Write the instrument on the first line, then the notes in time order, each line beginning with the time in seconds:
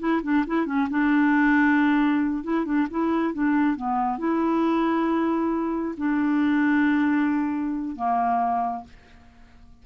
clarinet
0.00 E4
0.23 D4
0.47 E4
0.66 C#4
0.90 D4
2.44 E4
2.66 D4
2.91 E4
3.34 D4
3.77 B3
4.19 E4
5.98 D4
7.96 A#3